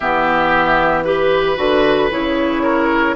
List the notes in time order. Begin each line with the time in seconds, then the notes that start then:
0.00 E3 B3 G4 E5
1.04 G4 B4
1.56 D3 F#4
2.11 C#3 E4 C#5
2.62 A#4